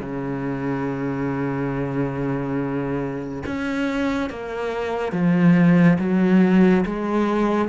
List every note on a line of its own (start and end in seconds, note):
0.00 3.43 C#3
3.46 4.30 C#4
4.30 5.12 A#3
5.12 5.98 F3
5.99 6.85 F#3
6.85 7.68 G#3